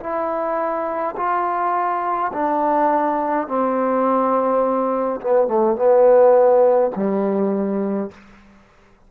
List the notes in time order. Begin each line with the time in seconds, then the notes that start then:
0.00 E4
1.16 F4
2.33 D4
3.47 C4
5.21 B3
5.48 A3
5.76 B3
6.95 G3